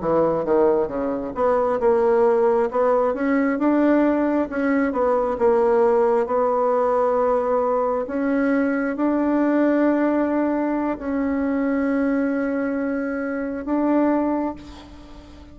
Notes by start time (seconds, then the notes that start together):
0.00 E3
0.44 D#3
0.88 C#3
1.35 B3
1.80 A#3
2.70 B3
3.14 C#4
3.59 D4
4.49 C#4
4.92 B3
5.38 A#3
6.26 B3
8.07 C#4
8.96 D4
10.98 C#4
13.65 D4